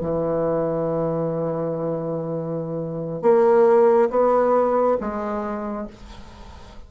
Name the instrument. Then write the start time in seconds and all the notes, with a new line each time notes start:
bassoon
0.00 E3
3.22 A#3
4.10 B3
5.00 G#3